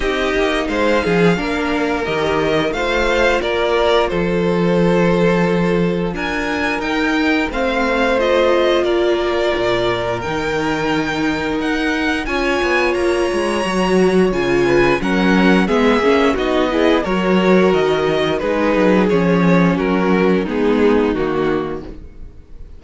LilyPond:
<<
  \new Staff \with { instrumentName = "violin" } { \time 4/4 \tempo 4 = 88 dis''4 f''2 dis''4 | f''4 d''4 c''2~ | c''4 gis''4 g''4 f''4 | dis''4 d''2 g''4~ |
g''4 fis''4 gis''4 ais''4~ | ais''4 gis''4 fis''4 e''4 | dis''4 cis''4 dis''4 b'4 | cis''4 ais'4 gis'4 fis'4 | }
  \new Staff \with { instrumentName = "violin" } { \time 4/4 g'4 c''8 gis'8 ais'2 | c''4 ais'4 a'2~ | a'4 ais'2 c''4~ | c''4 ais'2.~ |
ais'2 cis''2~ | cis''4. b'8 ais'4 gis'4 | fis'8 gis'8 ais'2 gis'4~ | gis'4 fis'4 dis'2 | }
  \new Staff \with { instrumentName = "viola" } { \time 4/4 dis'2 d'4 g'4 | f'1~ | f'2 dis'4 c'4 | f'2. dis'4~ |
dis'2 f'2 | fis'4 f'4 cis'4 b8 cis'8 | dis'8 e'8 fis'2 dis'4 | cis'2 b4 ais4 | }
  \new Staff \with { instrumentName = "cello" } { \time 4/4 c'8 ais8 gis8 f8 ais4 dis4 | a4 ais4 f2~ | f4 d'4 dis'4 a4~ | a4 ais4 ais,4 dis4~ |
dis4 dis'4 cis'8 b8 ais8 gis8 | fis4 cis4 fis4 gis8 ais8 | b4 fis4 dis4 gis8 fis8 | f4 fis4 gis4 dis4 | }
>>